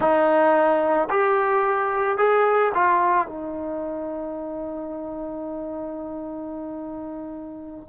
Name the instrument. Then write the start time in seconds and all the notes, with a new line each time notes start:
trombone
0.00 D#4
1.10 G4
2.17 G#4
2.74 F4
3.27 D#4